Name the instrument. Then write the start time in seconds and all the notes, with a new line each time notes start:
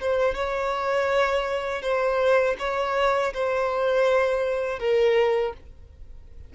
violin
0.00 C5
0.34 C#5
1.82 C5
2.59 C#5
3.33 C5
4.79 A#4